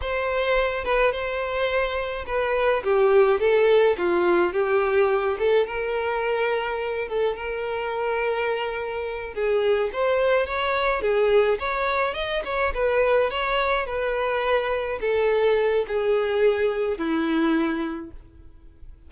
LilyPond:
\new Staff \with { instrumentName = "violin" } { \time 4/4 \tempo 4 = 106 c''4. b'8 c''2 | b'4 g'4 a'4 f'4 | g'4. a'8 ais'2~ | ais'8 a'8 ais'2.~ |
ais'8 gis'4 c''4 cis''4 gis'8~ | gis'8 cis''4 dis''8 cis''8 b'4 cis''8~ | cis''8 b'2 a'4. | gis'2 e'2 | }